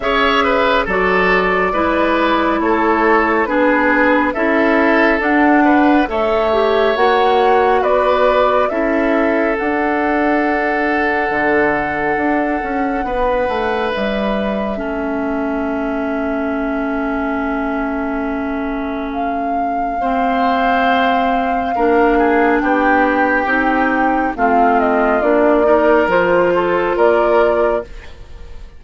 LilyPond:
<<
  \new Staff \with { instrumentName = "flute" } { \time 4/4 \tempo 4 = 69 e''4 d''2 cis''4 | b'4 e''4 fis''4 e''4 | fis''4 d''4 e''4 fis''4~ | fis''1 |
e''1~ | e''2 f''2~ | f''2 g''2 | f''8 dis''8 d''4 c''4 d''4 | }
  \new Staff \with { instrumentName = "oboe" } { \time 4/4 cis''8 b'8 a'4 b'4 a'4 | gis'4 a'4. b'8 cis''4~ | cis''4 b'4 a'2~ | a'2. b'4~ |
b'4 a'2.~ | a'2. c''4~ | c''4 ais'8 gis'8 g'2 | f'4. ais'4 a'8 ais'4 | }
  \new Staff \with { instrumentName = "clarinet" } { \time 4/4 gis'4 fis'4 e'2 | d'4 e'4 d'4 a'8 g'8 | fis'2 e'4 d'4~ | d'1~ |
d'4 cis'2.~ | cis'2. c'4~ | c'4 d'2 dis'4 | c'4 d'8 dis'8 f'2 | }
  \new Staff \with { instrumentName = "bassoon" } { \time 4/4 cis'4 fis4 gis4 a4 | b4 cis'4 d'4 a4 | ais4 b4 cis'4 d'4~ | d'4 d4 d'8 cis'8 b8 a8 |
g4 a2.~ | a1~ | a4 ais4 b4 c'4 | a4 ais4 f4 ais4 | }
>>